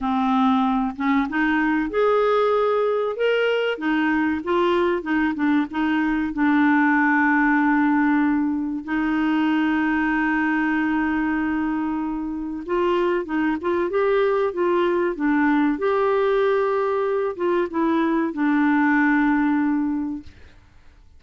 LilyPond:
\new Staff \with { instrumentName = "clarinet" } { \time 4/4 \tempo 4 = 95 c'4. cis'8 dis'4 gis'4~ | gis'4 ais'4 dis'4 f'4 | dis'8 d'8 dis'4 d'2~ | d'2 dis'2~ |
dis'1 | f'4 dis'8 f'8 g'4 f'4 | d'4 g'2~ g'8 f'8 | e'4 d'2. | }